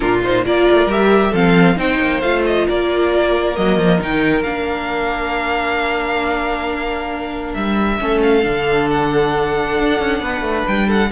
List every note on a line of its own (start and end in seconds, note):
0.00 0.45 A#2
0.00 0.21 D4
0.00 0.44 F4
0.00 0.20 A#4
0.23 0.45 D#4
0.23 0.45 C5
0.45 0.67 A#3
0.45 0.89 F4
0.45 1.30 A#4
0.45 0.90 D5
0.70 0.86 A3
0.86 1.30 G3
0.86 1.33 G4
0.86 1.34 E5
1.30 1.77 F3
1.30 1.76 C4
1.30 1.75 A4
1.30 1.79 F5
1.76 1.99 C4
1.76 2.20 D#4
1.76 2.67 C5
1.76 2.21 G5
2.00 2.22 A#3
2.21 2.66 A3
2.21 3.55 F4
2.21 2.43 F5
2.45 2.67 D#5
2.68 3.57 A#3
2.68 8.00 A#4
2.68 3.56 D5
3.55 3.77 F#3
3.55 3.99 A#3
3.55 4.00 D#5
3.77 3.99 F3
3.99 4.43 D#3
3.99 4.43 D#4
3.99 4.43 G5
4.43 7.54 A#3
4.43 7.99 D4
4.43 7.54 F5
7.54 8.00 G3
7.54 8.20 E5
7.99 8.45 A3
7.99 8.42 C#4
7.99 10.21 A4
8.22 8.88 F5
8.42 9.79 D3
8.42 11.09 D4
8.90 10.67 F#5
9.79 9.99 D4
9.99 10.20 C#4
10.20 10.41 B3
10.20 10.87 B4
10.41 10.63 A3
10.67 11.11 G3
10.67 10.89 G5
10.87 11.09 A4
10.87 11.11 F#5